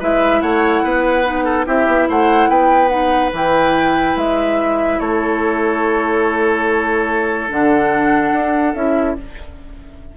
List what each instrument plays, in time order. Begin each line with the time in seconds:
0.00 bassoon G#3, clarinet E4, oboe B4, flute E5
0.41 bassoon A3, oboe C#5, flute F#5
0.84 bassoon B3, oboe B4
1.25 clarinet D#4
1.45 oboe A4
1.65 bassoon C4, clarinet E4, oboe G4, flute E5
1.87 bassoon B3
2.09 bassoon A3, oboe C5, flute F#5
2.49 bassoon B3, oboe B4, flute G5
2.88 clarinet D#4, flute F#5
3.33 bassoon E3, clarinet E4, flute G5
4.16 bassoon G#3, flute E5
5.00 bassoon A3, oboe A4, flute C#5
7.50 bassoon D3, clarinet D4, flute F#5
8.32 bassoon D4
8.75 bassoon C#4, clarinet E4, flute E5